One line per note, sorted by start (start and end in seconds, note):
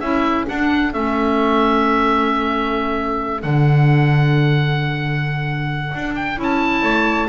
0.00 0.47 C#4
0.00 0.46 E4
0.00 6.82 A4
0.00 0.45 E5
0.46 0.92 D4
0.46 0.94 D4
0.46 0.94 F#5
0.93 3.43 A3
0.93 3.42 C#4
0.93 3.43 E5
3.42 5.93 D3
3.42 6.37 D4
3.42 6.15 F#5
5.94 6.38 D4
6.16 6.38 G5
6.37 6.83 C#4
6.37 7.28 E4
6.37 7.29 A5
6.82 7.28 A3
6.82 7.28 C#5